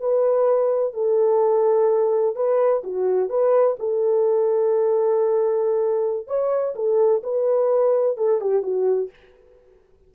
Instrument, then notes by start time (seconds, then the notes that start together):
horn
0.00 B4
0.94 A4
2.36 B4
2.84 F#4
3.29 B4
3.79 A4
6.27 C#5
6.75 A4
7.23 B4
8.17 A4
8.41 G4
8.62 F#4